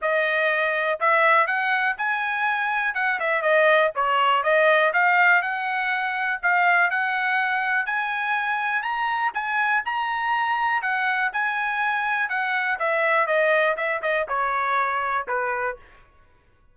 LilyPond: \new Staff \with { instrumentName = "trumpet" } { \time 4/4 \tempo 4 = 122 dis''2 e''4 fis''4 | gis''2 fis''8 e''8 dis''4 | cis''4 dis''4 f''4 fis''4~ | fis''4 f''4 fis''2 |
gis''2 ais''4 gis''4 | ais''2 fis''4 gis''4~ | gis''4 fis''4 e''4 dis''4 | e''8 dis''8 cis''2 b'4 | }